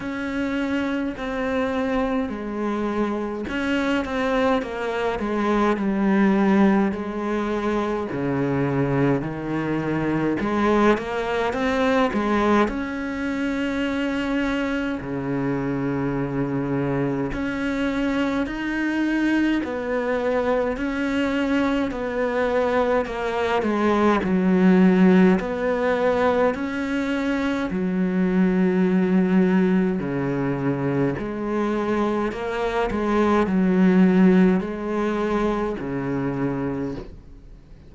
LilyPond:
\new Staff \with { instrumentName = "cello" } { \time 4/4 \tempo 4 = 52 cis'4 c'4 gis4 cis'8 c'8 | ais8 gis8 g4 gis4 cis4 | dis4 gis8 ais8 c'8 gis8 cis'4~ | cis'4 cis2 cis'4 |
dis'4 b4 cis'4 b4 | ais8 gis8 fis4 b4 cis'4 | fis2 cis4 gis4 | ais8 gis8 fis4 gis4 cis4 | }